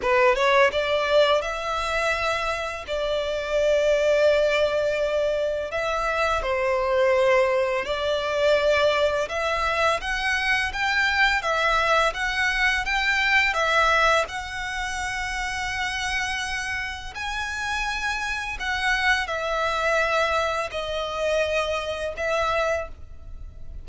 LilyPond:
\new Staff \with { instrumentName = "violin" } { \time 4/4 \tempo 4 = 84 b'8 cis''8 d''4 e''2 | d''1 | e''4 c''2 d''4~ | d''4 e''4 fis''4 g''4 |
e''4 fis''4 g''4 e''4 | fis''1 | gis''2 fis''4 e''4~ | e''4 dis''2 e''4 | }